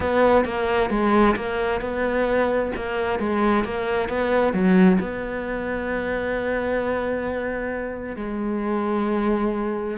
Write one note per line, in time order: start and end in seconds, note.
0.00 0.44 B3
0.44 0.90 A#3
0.90 1.35 G#3
1.36 1.80 A#3
1.80 2.71 B3
2.76 3.19 A#3
3.19 3.64 G#3
3.64 4.08 A#3
4.08 4.53 B3
4.53 4.98 F#3
5.00 8.16 B3
8.16 9.97 G#3